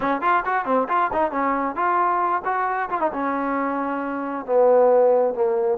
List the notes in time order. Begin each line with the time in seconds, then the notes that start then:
0.00 C#4
0.21 F4
0.45 F#4
0.65 C4
0.88 F4
1.13 D#4
1.31 C#4
1.75 F4
2.44 F#4
2.89 F4
3.00 D#4
3.12 C#4
4.45 B3
5.34 A#3